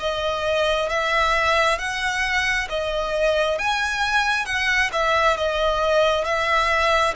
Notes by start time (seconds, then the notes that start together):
0.00 D#5
0.89 E5
1.79 F#5
2.69 D#5
3.59 G#5
4.46 F#5
4.93 E5
5.37 D#5
6.25 E5